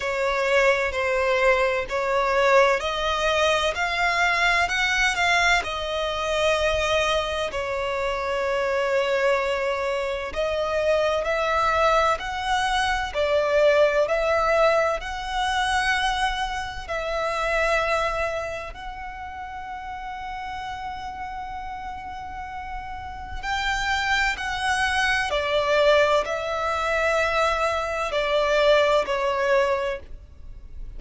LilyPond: \new Staff \with { instrumentName = "violin" } { \time 4/4 \tempo 4 = 64 cis''4 c''4 cis''4 dis''4 | f''4 fis''8 f''8 dis''2 | cis''2. dis''4 | e''4 fis''4 d''4 e''4 |
fis''2 e''2 | fis''1~ | fis''4 g''4 fis''4 d''4 | e''2 d''4 cis''4 | }